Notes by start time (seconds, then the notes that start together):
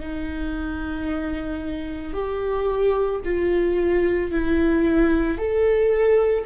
0.00 D#4
2.14 G4
3.25 F4
4.32 E4
5.38 A4